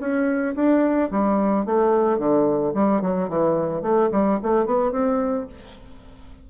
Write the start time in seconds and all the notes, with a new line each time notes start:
0.00 C#4
0.55 D4
1.11 G3
1.66 A3
2.18 D3
2.74 G3
3.02 F#3
3.29 E3
3.82 A3
4.12 G3
4.43 A3
4.66 B3
4.92 C4